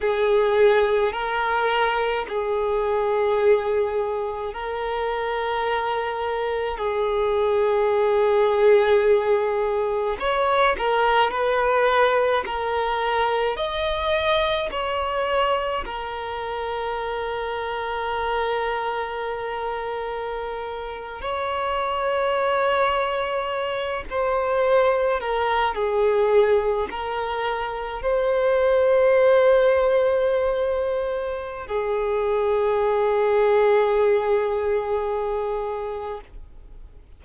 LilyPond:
\new Staff \with { instrumentName = "violin" } { \time 4/4 \tempo 4 = 53 gis'4 ais'4 gis'2 | ais'2 gis'2~ | gis'4 cis''8 ais'8 b'4 ais'4 | dis''4 cis''4 ais'2~ |
ais'2~ ais'8. cis''4~ cis''16~ | cis''4~ cis''16 c''4 ais'8 gis'4 ais'16~ | ais'8. c''2.~ c''16 | gis'1 | }